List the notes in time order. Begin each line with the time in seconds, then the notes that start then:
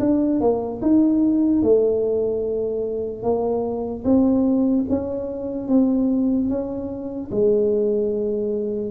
0.00 D4
0.41 A#3
0.82 D#4
1.63 A3
3.23 A#3
4.05 C4
4.89 C#4
5.68 C4
6.49 C#4
7.32 G#3